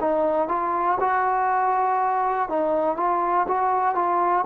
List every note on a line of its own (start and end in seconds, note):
0.00 0.48 D#4
0.48 0.98 F4
1.00 2.49 F#4
2.49 2.97 D#4
2.97 3.47 F4
3.48 3.95 F#4
3.95 4.45 F4